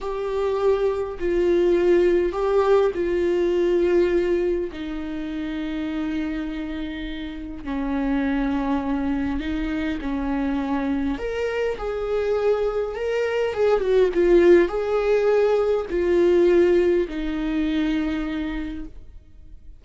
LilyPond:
\new Staff \with { instrumentName = "viola" } { \time 4/4 \tempo 4 = 102 g'2 f'2 | g'4 f'2. | dis'1~ | dis'4 cis'2. |
dis'4 cis'2 ais'4 | gis'2 ais'4 gis'8 fis'8 | f'4 gis'2 f'4~ | f'4 dis'2. | }